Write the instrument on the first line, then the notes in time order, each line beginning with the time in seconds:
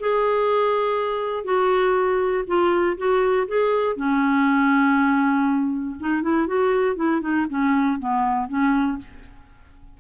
clarinet
0.00 G#4
1.44 F#4
2.47 F4
2.97 F#4
3.48 G#4
3.96 C#4
6.00 D#4
6.22 E4
6.47 F#4
6.96 E4
7.21 D#4
7.49 C#4
8.00 B3
8.48 C#4